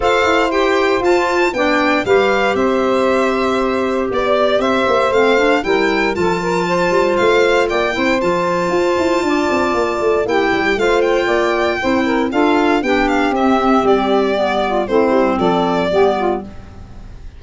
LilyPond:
<<
  \new Staff \with { instrumentName = "violin" } { \time 4/4 \tempo 4 = 117 f''4 g''4 a''4 g''4 | f''4 e''2. | d''4 e''4 f''4 g''4 | a''2 f''4 g''4 |
a''1 | g''4 f''8 g''2~ g''8 | f''4 g''8 f''8 e''4 d''4~ | d''4 c''4 d''2 | }
  \new Staff \with { instrumentName = "saxophone" } { \time 4/4 c''2. d''4 | b'4 c''2. | d''4 c''2 ais'4 | a'8 ais'8 c''2 d''8 c''8~ |
c''2 d''2 | g'4 c''4 d''4 c''8 ais'8 | a'4 g'2.~ | g'8 f'8 e'4 a'4 g'8 f'8 | }
  \new Staff \with { instrumentName = "clarinet" } { \time 4/4 a'4 g'4 f'4 d'4 | g'1~ | g'2 c'8 d'8 e'4 | f'2.~ f'8 e'8 |
f'1 | e'4 f'2 e'4 | f'4 d'4 c'2 | b4 c'2 b4 | }
  \new Staff \with { instrumentName = "tuba" } { \time 4/4 f'8 e'4. f'4 b4 | g4 c'2. | b4 c'8 ais8 a4 g4 | f4. g8 a4 ais8 c'8 |
f4 f'8 e'8 d'8 c'8 ais8 a8 | ais8 g8 a4 ais4 c'4 | d'4 b4 c'4 g4~ | g4 a8 g8 f4 g4 | }
>>